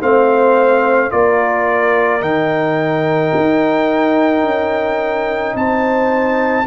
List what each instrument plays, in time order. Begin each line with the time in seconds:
0.00 tuba A3, trombone C4, horn C5, trumpet F5
1.10 tuba A#3, trombone F4, horn A#4, trumpet D5
2.21 tuba D#3, trombone D#4, trumpet G5
3.36 tuba D#4
4.43 tuba C#4
5.55 tuba C4, horn C5, trumpet A5